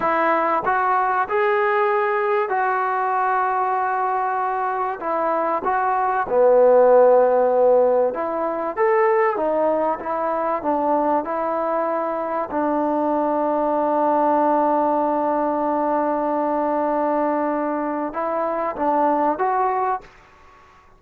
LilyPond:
\new Staff \with { instrumentName = "trombone" } { \time 4/4 \tempo 4 = 96 e'4 fis'4 gis'2 | fis'1 | e'4 fis'4 b2~ | b4 e'4 a'4 dis'4 |
e'4 d'4 e'2 | d'1~ | d'1~ | d'4 e'4 d'4 fis'4 | }